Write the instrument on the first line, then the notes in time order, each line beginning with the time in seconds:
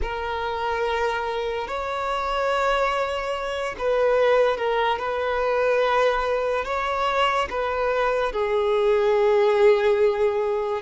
violin
0.02 A#4
1.67 C#5
3.78 B4
4.57 A#4
4.98 B4
6.64 C#5
7.50 B4
8.32 G#4